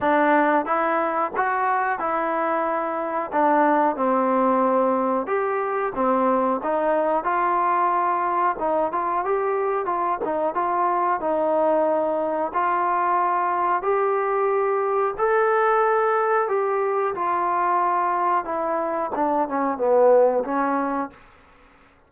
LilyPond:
\new Staff \with { instrumentName = "trombone" } { \time 4/4 \tempo 4 = 91 d'4 e'4 fis'4 e'4~ | e'4 d'4 c'2 | g'4 c'4 dis'4 f'4~ | f'4 dis'8 f'8 g'4 f'8 dis'8 |
f'4 dis'2 f'4~ | f'4 g'2 a'4~ | a'4 g'4 f'2 | e'4 d'8 cis'8 b4 cis'4 | }